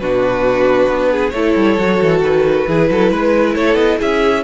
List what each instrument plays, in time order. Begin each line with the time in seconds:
0.00 cello B2, viola D4, violin F#4 B4
0.88 cello B3
1.11 violin G#4
1.30 cello A3, viola E4, violin A4 C#5
1.56 cello G3
1.79 cello F#3, viola F#4
2.02 cello E3
2.21 cello D#3, violin B4
2.67 cello E3, viola E4, violin G#4
2.90 cello F#3, violin A4
3.11 cello G#3, violin B4
3.55 cello A3, violin A4 C#5
3.74 cello B3, violin D#5
3.99 cello C#4, violin G#4 E5